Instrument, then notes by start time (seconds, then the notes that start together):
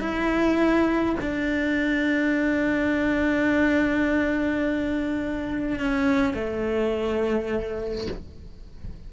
cello
0.00 E4
1.21 D4
5.79 C#4
6.34 A3